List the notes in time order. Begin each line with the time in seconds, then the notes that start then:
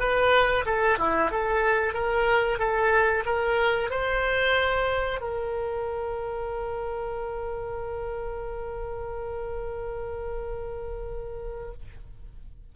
0.00 B4
0.66 A4
0.99 E4
1.31 A4
1.94 A#4
2.59 A4
3.26 A#4
3.91 C5
5.21 A#4